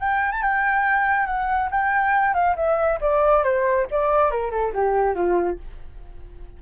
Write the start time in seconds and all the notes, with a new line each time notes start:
0.00 G5
0.32 A5
0.42 G5
1.27 F#5
1.71 G5
2.34 F5
2.56 E5
3.01 D5
3.44 C5
3.91 D5
4.31 A#4
4.51 A4
4.73 G4
5.15 F4